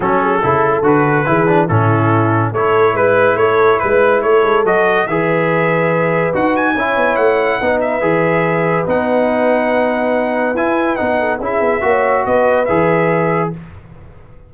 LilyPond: <<
  \new Staff \with { instrumentName = "trumpet" } { \time 4/4 \tempo 4 = 142 a'2 b'2 | a'2 cis''4 b'4 | cis''4 b'4 cis''4 dis''4 | e''2. fis''8 gis''8~ |
gis''4 fis''4. e''4.~ | e''4 fis''2.~ | fis''4 gis''4 fis''4 e''4~ | e''4 dis''4 e''2 | }
  \new Staff \with { instrumentName = "horn" } { \time 4/4 fis'8 gis'8 a'2 gis'4 | e'2 a'4 b'4 | a'4 b'4 a'2 | b'1 |
cis''2 b'2~ | b'1~ | b'2~ b'8 a'8 gis'4 | cis''4 b'2. | }
  \new Staff \with { instrumentName = "trombone" } { \time 4/4 cis'4 e'4 fis'4 e'8 d'8 | cis'2 e'2~ | e'2. fis'4 | gis'2. fis'4 |
e'2 dis'4 gis'4~ | gis'4 dis'2.~ | dis'4 e'4 dis'4 e'4 | fis'2 gis'2 | }
  \new Staff \with { instrumentName = "tuba" } { \time 4/4 fis4 cis4 d4 e4 | a,2 a4 gis4 | a4 gis4 a8 gis8 fis4 | e2. dis'4 |
cis'8 b8 a4 b4 e4~ | e4 b2.~ | b4 e'4 b4 cis'8 b8 | ais4 b4 e2 | }
>>